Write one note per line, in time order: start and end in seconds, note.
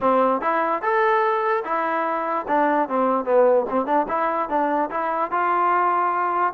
0.01 0.41 C4
0.41 0.82 E4
0.82 1.63 A4
1.64 2.45 E4
2.47 2.88 D4
2.88 3.24 C4
3.24 3.65 B3
3.69 3.86 C4
3.86 4.06 D4
4.08 4.49 E4
4.49 4.89 D4
4.90 5.31 E4
5.31 6.53 F4